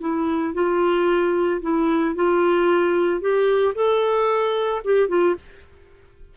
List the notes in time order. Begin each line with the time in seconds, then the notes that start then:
0.00 E4
0.54 F4
1.61 E4
2.15 F4
3.20 G4
3.75 A4
4.84 G4
5.08 F4